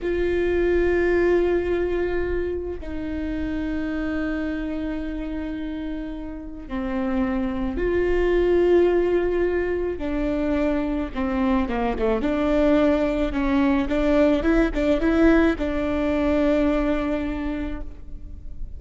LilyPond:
\new Staff \with { instrumentName = "viola" } { \time 4/4 \tempo 4 = 108 f'1~ | f'4 dis'2.~ | dis'1 | c'2 f'2~ |
f'2 d'2 | c'4 ais8 a8 d'2 | cis'4 d'4 e'8 d'8 e'4 | d'1 | }